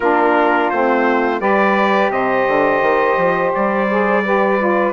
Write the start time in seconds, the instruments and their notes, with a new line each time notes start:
0.00 bassoon A#3, saxophone D4 F4, trumpet A#4
0.70 bassoon A3, saxophone C4, trumpet C5
1.40 bassoon G3, saxophone G4 B4, trumpet D5
2.09 bassoon C3, saxophone C5, trumpet D#5
2.47 bassoon D3
2.81 bassoon D#3
3.17 bassoon F3
3.54 bassoon G3, trumpet D5
3.90 saxophone G#4
4.24 saxophone G4 B4
4.58 saxophone F4